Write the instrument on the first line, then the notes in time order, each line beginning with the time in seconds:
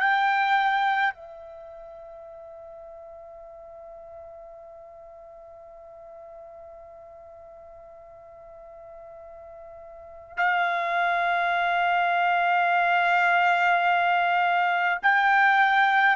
trumpet
0.00 G5
1.14 E5
10.37 F5
15.02 G5